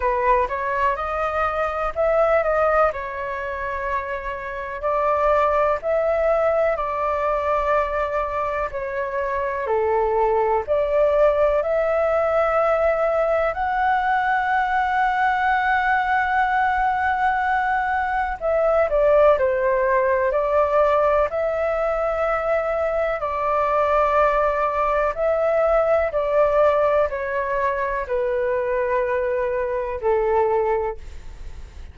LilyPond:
\new Staff \with { instrumentName = "flute" } { \time 4/4 \tempo 4 = 62 b'8 cis''8 dis''4 e''8 dis''8 cis''4~ | cis''4 d''4 e''4 d''4~ | d''4 cis''4 a'4 d''4 | e''2 fis''2~ |
fis''2. e''8 d''8 | c''4 d''4 e''2 | d''2 e''4 d''4 | cis''4 b'2 a'4 | }